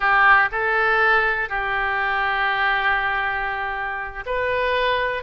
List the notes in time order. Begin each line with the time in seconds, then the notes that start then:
0.00 G4
0.51 A4
1.49 G4
4.26 B4